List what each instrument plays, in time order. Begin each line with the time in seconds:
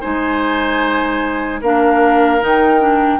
0.00 bassoon G#3, clarinet D#4, oboe C5, flute G#5
1.61 bassoon A#3, clarinet D4, oboe A#4, flute F5
2.40 bassoon D#3, clarinet D#4, flute G5
2.79 clarinet D4